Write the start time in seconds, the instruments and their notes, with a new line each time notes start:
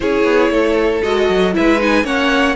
0.00 cello C#4, viola E4, violin G#4 C#5
0.24 cello B3
0.49 cello A3, violin A4
1.02 cello G#3, viola F#4, violin D#5
1.29 cello F#3
1.53 cello G#3, viola E4, violin B4 E5
1.78 viola D#4, violin G#5
2.04 cello A#3, viola C#4, violin C#5 F#5